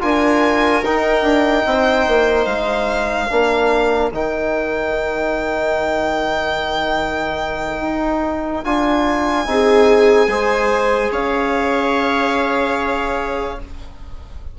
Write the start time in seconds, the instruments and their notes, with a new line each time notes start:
0.00 bassoon D4, trombone F4, viola A#4, violin G#5
0.82 bassoon D#4, trombone D#4, violin G5
1.22 bassoon D4
1.65 bassoon C4, viola C5
2.07 bassoon A#3
2.45 bassoon G#3, violin F5
3.28 bassoon A#3, trombone D4, viola A#4
4.12 bassoon D#3, trombone D#4, violin G5
7.81 bassoon D#4
8.64 bassoon D4, trombone F4, violin G#5
9.45 bassoon C4, trombone D#4, viola G#4
10.27 bassoon G#3, trombone G#4, viola C5
11.11 bassoon C#4, viola C#5, violin F5